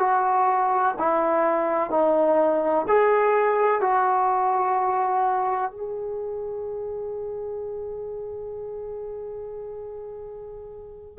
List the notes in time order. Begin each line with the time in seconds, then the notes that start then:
0.00 F#4
0.99 E4
1.90 D#4
2.88 G#4
3.81 F#4
5.71 G#4